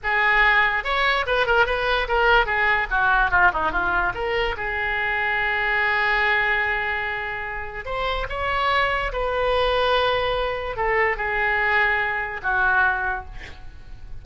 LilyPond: \new Staff \with { instrumentName = "oboe" } { \time 4/4 \tempo 4 = 145 gis'2 cis''4 b'8 ais'8 | b'4 ais'4 gis'4 fis'4 | f'8 dis'8 f'4 ais'4 gis'4~ | gis'1~ |
gis'2. c''4 | cis''2 b'2~ | b'2 a'4 gis'4~ | gis'2 fis'2 | }